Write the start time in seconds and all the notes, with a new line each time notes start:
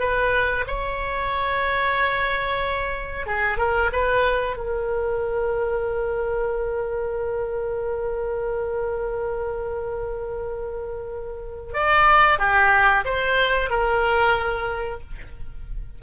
0.00 B4
0.68 C#5
3.27 G#4
3.58 A#4
3.93 B4
4.57 A#4
11.74 D5
12.39 G4
13.05 C5
13.70 A#4